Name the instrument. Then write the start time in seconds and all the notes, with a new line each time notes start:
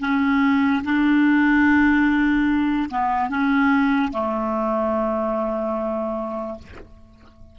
clarinet
0.00 C#4
0.84 D4
2.90 B3
3.29 C#4
4.12 A3